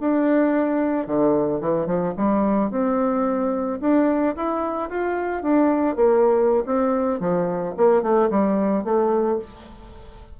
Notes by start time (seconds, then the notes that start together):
0.00 D4
1.07 D3
1.60 E3
1.86 F3
2.16 G3
2.70 C4
3.80 D4
4.35 E4
4.89 F4
5.42 D4
5.96 A#3
6.65 C4
7.20 F3
7.77 A#3
8.02 A3
8.30 G3
8.84 A3